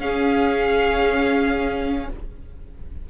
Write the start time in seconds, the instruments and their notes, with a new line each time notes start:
0.00 cello C#4, viola C#4, violin G#4 F5